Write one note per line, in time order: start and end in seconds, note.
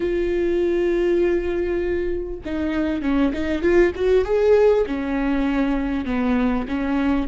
0.00 2.39 F4
2.45 3.02 D#4
3.02 3.32 C#4
3.33 3.61 D#4
3.61 3.92 F4
3.95 4.24 F#4
4.24 4.85 G#4
4.86 6.05 C#4
6.05 6.66 B3
6.68 7.28 C#4